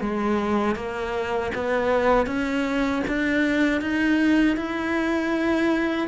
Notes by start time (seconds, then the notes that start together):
0.00 G#3
0.75 A#3
1.54 B3
2.26 C#4
3.07 D4
3.81 D#4
4.57 E4